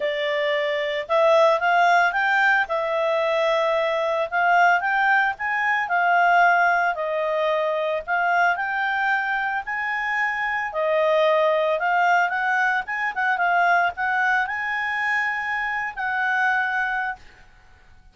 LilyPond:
\new Staff \with { instrumentName = "clarinet" } { \time 4/4 \tempo 4 = 112 d''2 e''4 f''4 | g''4 e''2. | f''4 g''4 gis''4 f''4~ | f''4 dis''2 f''4 |
g''2 gis''2 | dis''2 f''4 fis''4 | gis''8 fis''8 f''4 fis''4 gis''4~ | gis''4.~ gis''16 fis''2~ fis''16 | }